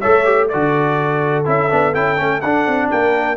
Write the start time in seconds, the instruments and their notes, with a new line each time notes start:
0.00 tuba A3, trombone A4, horn C#5, trumpet E5
0.24 trombone G4
0.48 tuba D3, trombone F#4, horn A4, trumpet D5
1.44 tuba C#4, trombone E4, trumpet E5
1.69 tuba B3, trombone D4
1.93 tuba C#4, trombone E4, trumpet G5
2.16 tuba A3, trombone C#4
2.40 tuba D4, trombone D4, trumpet F#5
2.66 tuba C4
2.89 tuba A#3, horn A#4, trumpet G5